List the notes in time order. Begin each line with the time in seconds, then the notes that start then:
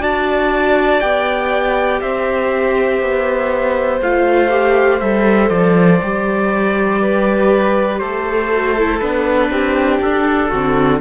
0.00 D4 F#4 D5 A5
1.00 B3 G4 G5
2.01 C4 C5 E5
3.01 B3
4.01 A3 F4 F5
4.50 G4
5.00 G3 A4 E5
5.50 F3 D5
6.03 G3 G4
7.01 B4
7.99 A3 A4 C5
8.52 F#4
8.78 E4
9.00 B3 D4 B4
9.50 C4 G4
10.02 D4 A4
10.49 D3 C4 F#4